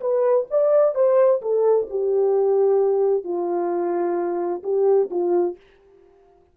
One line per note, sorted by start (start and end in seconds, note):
0.00 0.46 B4
0.50 0.94 D5
0.94 1.41 C5
1.41 1.87 A4
1.90 3.23 G4
3.23 4.62 F4
4.63 5.09 G4
5.10 5.56 F4